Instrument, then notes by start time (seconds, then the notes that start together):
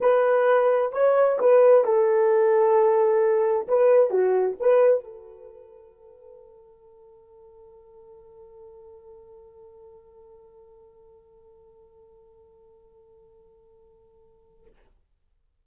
horn
0.00 B4
0.92 C#5
1.39 B4
1.84 A4
3.67 B4
4.10 F#4
4.60 B4
5.04 A4